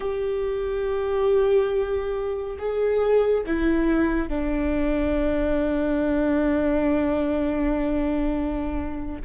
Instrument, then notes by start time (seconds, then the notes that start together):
viola
0.00 G4
2.58 G#4
3.46 E4
4.29 D4